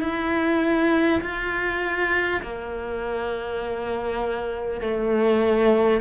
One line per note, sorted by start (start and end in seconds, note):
0.00 1.20 E4
1.21 2.41 F4
2.42 4.81 A#3
4.81 6.01 A3